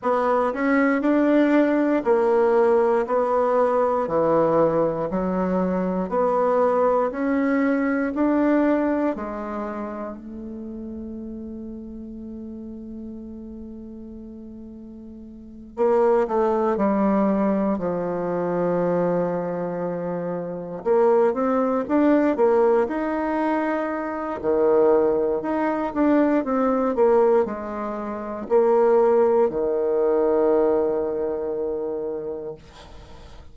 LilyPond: \new Staff \with { instrumentName = "bassoon" } { \time 4/4 \tempo 4 = 59 b8 cis'8 d'4 ais4 b4 | e4 fis4 b4 cis'4 | d'4 gis4 a2~ | a2.~ a8 ais8 |
a8 g4 f2~ f8~ | f8 ais8 c'8 d'8 ais8 dis'4. | dis4 dis'8 d'8 c'8 ais8 gis4 | ais4 dis2. | }